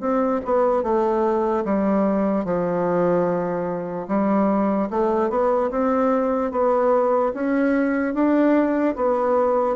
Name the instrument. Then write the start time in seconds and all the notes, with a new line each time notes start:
bassoon
0.00 C4
0.45 B3
0.83 A3
1.64 G3
2.45 F3
4.08 G3
4.90 A3
5.30 B3
5.71 C4
6.51 B3
7.34 C#4
8.14 D4
8.96 B3